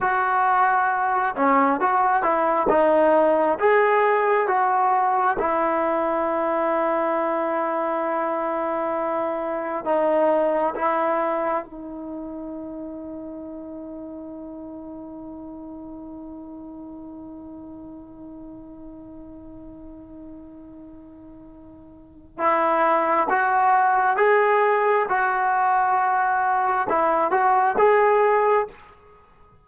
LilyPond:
\new Staff \with { instrumentName = "trombone" } { \time 4/4 \tempo 4 = 67 fis'4. cis'8 fis'8 e'8 dis'4 | gis'4 fis'4 e'2~ | e'2. dis'4 | e'4 dis'2.~ |
dis'1~ | dis'1~ | dis'4 e'4 fis'4 gis'4 | fis'2 e'8 fis'8 gis'4 | }